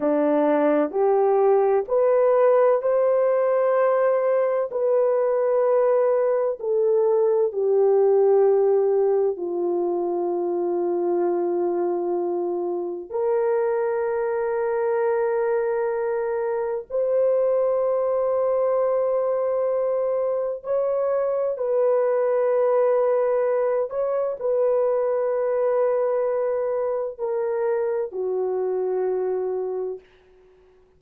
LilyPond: \new Staff \with { instrumentName = "horn" } { \time 4/4 \tempo 4 = 64 d'4 g'4 b'4 c''4~ | c''4 b'2 a'4 | g'2 f'2~ | f'2 ais'2~ |
ais'2 c''2~ | c''2 cis''4 b'4~ | b'4. cis''8 b'2~ | b'4 ais'4 fis'2 | }